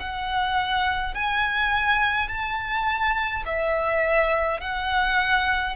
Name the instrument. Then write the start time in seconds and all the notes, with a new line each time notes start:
violin
0.00 F#5
1.15 G#5
2.29 A5
3.46 E5
4.61 F#5